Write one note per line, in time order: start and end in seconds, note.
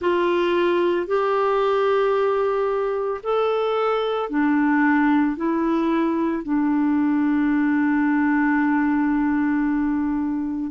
0.01 1.06 F4
1.06 3.20 G4
3.23 4.29 A4
4.29 5.36 D4
5.36 6.43 E4
6.43 10.70 D4